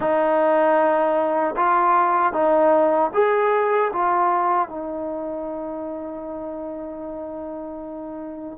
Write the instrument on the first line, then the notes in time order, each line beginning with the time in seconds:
trombone
0.00 D#4
1.56 F4
2.32 D#4
3.13 G#4
3.92 F4
4.68 D#4